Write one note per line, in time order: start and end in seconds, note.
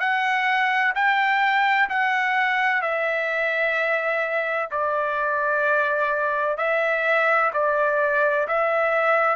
0.00 0.94 F#5
0.95 1.89 G5
1.90 2.82 F#5
2.82 4.70 E5
4.71 6.58 D5
6.58 7.52 E5
7.54 8.48 D5
8.48 9.36 E5